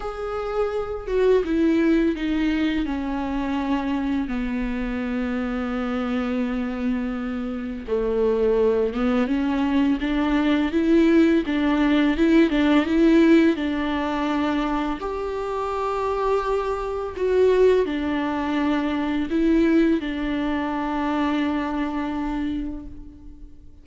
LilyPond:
\new Staff \with { instrumentName = "viola" } { \time 4/4 \tempo 4 = 84 gis'4. fis'8 e'4 dis'4 | cis'2 b2~ | b2. a4~ | a8 b8 cis'4 d'4 e'4 |
d'4 e'8 d'8 e'4 d'4~ | d'4 g'2. | fis'4 d'2 e'4 | d'1 | }